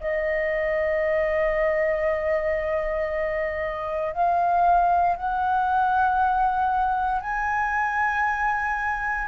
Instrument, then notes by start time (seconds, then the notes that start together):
flute
0.00 D#5
4.13 F5
5.16 F#5
7.21 G#5